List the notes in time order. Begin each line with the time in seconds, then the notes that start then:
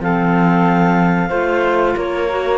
0.00 F3 C4 A4 F5
1.29 A3 F4 C5
1.97 A#3 A#4 C#5
2.29 F#4